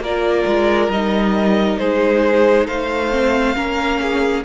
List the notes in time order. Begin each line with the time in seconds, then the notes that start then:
0.00 A#3 F4 A#4 D5
0.46 G#3
0.88 G3 D#4 D#5
1.78 G#3 G#4 C5
2.66 A3 C5 F5
3.11 C4
3.55 A#3 C#4 A#4
4.01 G#4